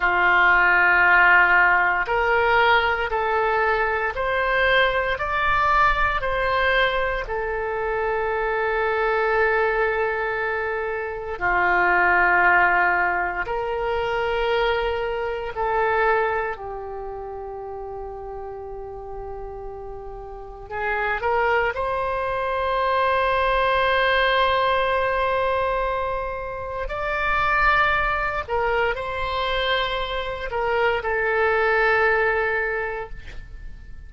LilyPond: \new Staff \with { instrumentName = "oboe" } { \time 4/4 \tempo 4 = 58 f'2 ais'4 a'4 | c''4 d''4 c''4 a'4~ | a'2. f'4~ | f'4 ais'2 a'4 |
g'1 | gis'8 ais'8 c''2.~ | c''2 d''4. ais'8 | c''4. ais'8 a'2 | }